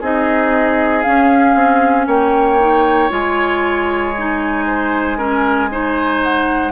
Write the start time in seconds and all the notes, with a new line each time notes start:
0.00 C4 D#4 G#4 D#5
1.02 C#4 F5
1.55 C4
2.06 A#3 C#5 G5
2.59 D#4
3.09 G#3 F4 G#5
4.18 D#4
4.67 C5
5.17 C#4 A#4
5.71 D#4 C5
6.23 F#5